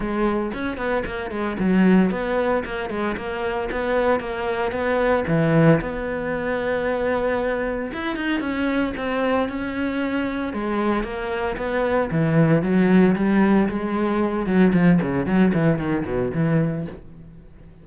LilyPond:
\new Staff \with { instrumentName = "cello" } { \time 4/4 \tempo 4 = 114 gis4 cis'8 b8 ais8 gis8 fis4 | b4 ais8 gis8 ais4 b4 | ais4 b4 e4 b4~ | b2. e'8 dis'8 |
cis'4 c'4 cis'2 | gis4 ais4 b4 e4 | fis4 g4 gis4. fis8 | f8 cis8 fis8 e8 dis8 b,8 e4 | }